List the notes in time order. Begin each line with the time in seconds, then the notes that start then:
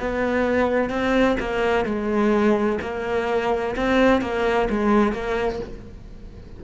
0.00 B3
0.90 C4
1.40 A#3
1.85 G#3
2.82 A#3
3.76 C4
4.22 A#3
4.70 G#3
5.13 A#3